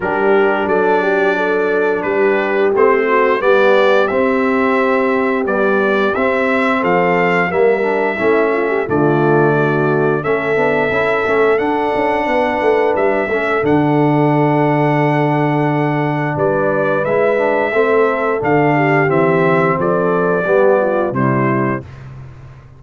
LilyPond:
<<
  \new Staff \with { instrumentName = "trumpet" } { \time 4/4 \tempo 4 = 88 ais'4 d''2 b'4 | c''4 d''4 e''2 | d''4 e''4 f''4 e''4~ | e''4 d''2 e''4~ |
e''4 fis''2 e''4 | fis''1 | d''4 e''2 f''4 | e''4 d''2 c''4 | }
  \new Staff \with { instrumentName = "horn" } { \time 4/4 g'4 a'8 g'8 a'4 g'4~ | g'8 fis'8 g'2.~ | g'2 a'4 ais'4 | e'8 f'16 g'16 f'4 fis'4 a'4~ |
a'2 b'4. a'8~ | a'1 | b'2 a'4. g'8~ | g'4 a'4 g'8 f'8 e'4 | }
  \new Staff \with { instrumentName = "trombone" } { \time 4/4 d'1 | c'4 b4 c'2 | g4 c'2 ais8 d'8 | cis'4 a2 cis'8 d'8 |
e'8 cis'8 d'2~ d'8 cis'8 | d'1~ | d'4 e'8 d'8 c'4 d'4 | c'2 b4 g4 | }
  \new Staff \with { instrumentName = "tuba" } { \time 4/4 g4 fis2 g4 | a4 g4 c'2 | b4 c'4 f4 g4 | a4 d2 a8 b8 |
cis'8 a8 d'8 cis'8 b8 a8 g8 a8 | d1 | g4 gis4 a4 d4 | e4 f4 g4 c4 | }
>>